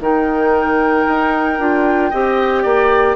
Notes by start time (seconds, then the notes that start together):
0.00 D#3 D#4 A#4 G5
1.08 D#4
1.59 D4 F4
2.10 C4 G4 D#5
2.63 A#3 D5